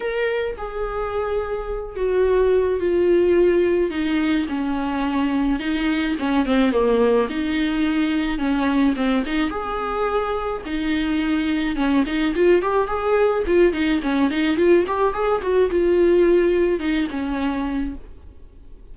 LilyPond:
\new Staff \with { instrumentName = "viola" } { \time 4/4 \tempo 4 = 107 ais'4 gis'2~ gis'8 fis'8~ | fis'4 f'2 dis'4 | cis'2 dis'4 cis'8 c'8 | ais4 dis'2 cis'4 |
c'8 dis'8 gis'2 dis'4~ | dis'4 cis'8 dis'8 f'8 g'8 gis'4 | f'8 dis'8 cis'8 dis'8 f'8 g'8 gis'8 fis'8 | f'2 dis'8 cis'4. | }